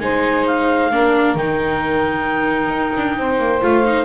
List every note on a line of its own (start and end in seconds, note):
0.00 0.90 G#3
0.00 0.91 D#4
0.00 0.92 C5
0.00 0.45 G#5
0.47 1.37 F5
0.91 1.35 A#3
0.91 1.37 D4
0.91 3.18 A#4
1.35 2.68 D#3
1.35 3.62 D#4
1.35 3.62 G5
2.68 2.91 D#4
2.97 3.18 D4
3.18 3.39 C4
3.18 4.05 C5
3.39 3.61 A#3
3.62 4.05 A3
3.62 3.84 F4
3.62 4.05 F5
3.85 4.05 D#4